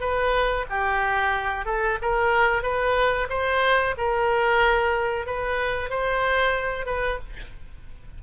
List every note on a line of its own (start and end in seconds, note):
0.00 0.65 B4
0.69 1.65 G4
1.65 1.98 A4
2.01 2.62 A#4
2.62 3.28 B4
3.29 3.95 C5
3.97 5.26 A#4
5.26 5.90 B4
5.90 6.86 C5
6.86 7.18 B4